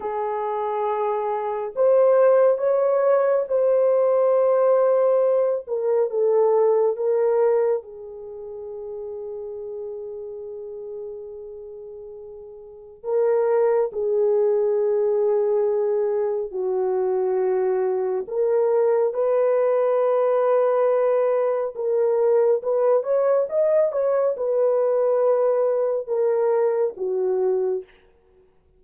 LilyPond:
\new Staff \with { instrumentName = "horn" } { \time 4/4 \tempo 4 = 69 gis'2 c''4 cis''4 | c''2~ c''8 ais'8 a'4 | ais'4 gis'2.~ | gis'2. ais'4 |
gis'2. fis'4~ | fis'4 ais'4 b'2~ | b'4 ais'4 b'8 cis''8 dis''8 cis''8 | b'2 ais'4 fis'4 | }